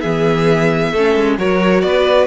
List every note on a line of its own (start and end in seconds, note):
0.00 0.93 E3
0.00 0.95 B3
0.00 0.91 G#4
0.00 1.36 E5
0.91 1.15 A3
0.91 1.39 C#4
0.91 1.37 A4
1.15 1.38 G#3
1.38 1.83 F#3
1.38 2.27 F#4
1.38 1.84 A#4
1.38 1.81 C#5
1.81 2.27 B3
1.81 2.27 B4
1.81 2.26 D5